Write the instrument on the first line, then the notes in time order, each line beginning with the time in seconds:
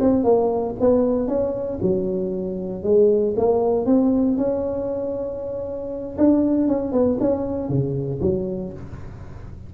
tuba
0.00 C4
0.24 A#3
0.80 B3
1.28 C#4
1.82 F#3
2.83 G#3
3.37 A#3
3.86 C4
4.37 C#4
6.18 D4
6.68 C#4
6.92 B3
7.20 C#4
7.69 C#3
8.21 F#3